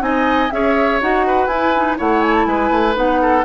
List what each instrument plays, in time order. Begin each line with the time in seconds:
0.00 bassoon C4, clarinet D#4, oboe D#5, flute G#5
0.51 bassoon C#4, clarinet G#4, oboe C#5, flute E5
1.01 bassoon D#4, clarinet F#4, flute F#5
1.27 oboe B4
1.47 bassoon E4, clarinet E4, flute G#5
1.76 clarinet D#4
1.98 bassoon A3, clarinet E4, oboe C#5, flute F#5
2.22 flute G#5
2.34 flute A5
2.46 bassoon G#3, oboe B4, flute G#5
2.71 bassoon A3
2.95 bassoon B3, clarinet D#4, flute F#5
3.22 oboe A4